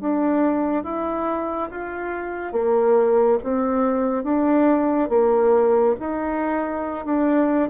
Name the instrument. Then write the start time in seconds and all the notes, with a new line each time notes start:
bassoon
0.00 D4
0.83 E4
1.71 F4
2.52 A#3
3.43 C4
4.24 D4
5.09 A#3
6.00 D#4
7.05 D4